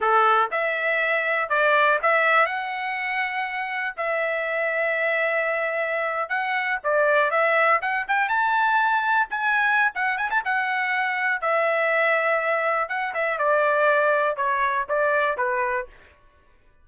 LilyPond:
\new Staff \with { instrumentName = "trumpet" } { \time 4/4 \tempo 4 = 121 a'4 e''2 d''4 | e''4 fis''2. | e''1~ | e''8. fis''4 d''4 e''4 fis''16~ |
fis''16 g''8 a''2 gis''4~ gis''16 | fis''8 gis''16 a''16 fis''2 e''4~ | e''2 fis''8 e''8 d''4~ | d''4 cis''4 d''4 b'4 | }